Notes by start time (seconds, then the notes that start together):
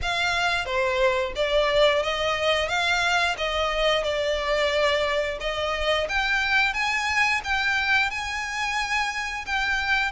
0.02 F5
0.65 C5
1.35 D5
2.03 D#5
2.68 F5
3.37 D#5
4.03 D5
5.40 D#5
6.08 G5
6.73 G#5
7.43 G5
8.10 G#5
9.46 G5